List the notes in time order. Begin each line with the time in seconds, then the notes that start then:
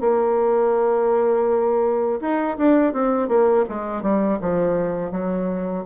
0.00 A#3
2.21 D#4
2.57 D4
2.93 C4
3.28 A#3
3.69 G#3
4.02 G3
4.41 F3
5.11 F#3